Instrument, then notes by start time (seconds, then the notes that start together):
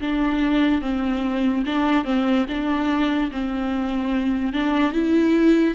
viola
0.00 D4
0.81 C4
1.66 D4
2.04 C4
2.48 D4
3.31 C4
4.53 D4
4.92 E4